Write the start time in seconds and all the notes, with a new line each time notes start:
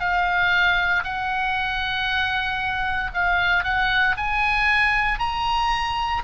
0.00 F5
1.04 F#5
3.14 F5
3.64 F#5
4.17 G#5
5.19 A#5